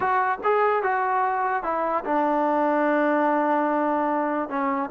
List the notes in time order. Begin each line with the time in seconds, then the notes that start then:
0.00 F#4
0.43 G#4
0.83 F#4
1.63 E4
2.04 D4
4.49 C#4